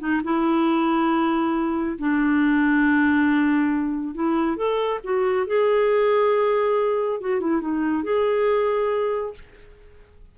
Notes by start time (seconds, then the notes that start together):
0.00 D#4
0.24 E4
1.98 D4
4.15 E4
4.57 A4
5.04 F#4
5.47 G#4
7.21 F#4
7.40 E4
7.61 D#4
8.04 G#4